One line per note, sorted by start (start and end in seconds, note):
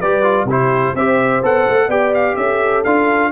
0.00 0.44 G3
0.00 0.23 G4
0.00 0.47 B4
0.00 0.48 D5
0.23 0.47 F4
0.44 0.91 C3
0.44 0.97 E4
0.44 0.95 G4
0.51 0.96 C5
0.94 1.41 C4
0.94 1.43 G4
0.94 1.87 C5
0.94 1.43 E5
1.42 1.66 B3
1.42 1.90 A4
1.42 1.90 F#5
1.68 1.88 A3
1.87 2.35 B3
1.87 2.84 G4
1.87 2.35 D5
1.87 2.14 G5
2.14 2.36 F5
2.36 2.84 C#4
2.36 3.31 A4
2.36 2.83 E5
2.84 3.31 D4
2.84 3.31 F4
2.84 3.31 F5